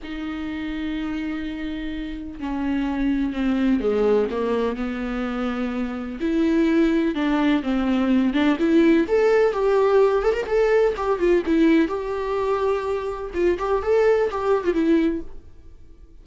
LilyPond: \new Staff \with { instrumentName = "viola" } { \time 4/4 \tempo 4 = 126 dis'1~ | dis'4 cis'2 c'4 | gis4 ais4 b2~ | b4 e'2 d'4 |
c'4. d'8 e'4 a'4 | g'4. a'16 ais'16 a'4 g'8 f'8 | e'4 g'2. | f'8 g'8 a'4 g'8. f'16 e'4 | }